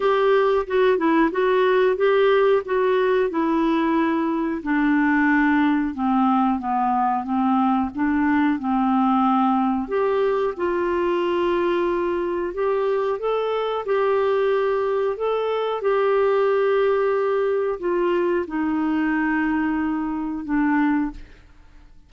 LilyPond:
\new Staff \with { instrumentName = "clarinet" } { \time 4/4 \tempo 4 = 91 g'4 fis'8 e'8 fis'4 g'4 | fis'4 e'2 d'4~ | d'4 c'4 b4 c'4 | d'4 c'2 g'4 |
f'2. g'4 | a'4 g'2 a'4 | g'2. f'4 | dis'2. d'4 | }